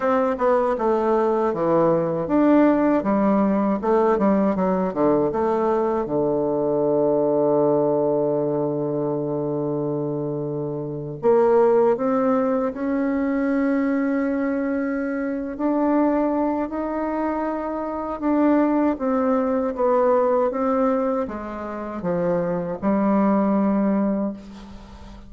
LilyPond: \new Staff \with { instrumentName = "bassoon" } { \time 4/4 \tempo 4 = 79 c'8 b8 a4 e4 d'4 | g4 a8 g8 fis8 d8 a4 | d1~ | d2~ d8. ais4 c'16~ |
c'8. cis'2.~ cis'16~ | cis'8 d'4. dis'2 | d'4 c'4 b4 c'4 | gis4 f4 g2 | }